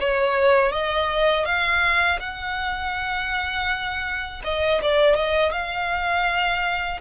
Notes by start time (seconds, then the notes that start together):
0.00 C#5
0.72 D#5
1.45 F5
2.20 F#5
4.44 D#5
4.82 D5
5.15 D#5
5.52 F5